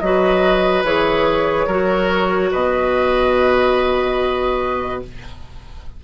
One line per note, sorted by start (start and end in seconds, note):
0.00 0.83 F#3
0.00 0.85 F#4
0.00 1.66 B4
0.00 0.83 D#5
0.83 1.66 E3
0.83 1.68 G#4
0.83 2.52 C#5
1.66 2.50 F#3
1.66 5.03 F#4
1.66 2.50 A#4
2.51 5.04 B2
2.51 5.01 B4
2.51 5.02 D#5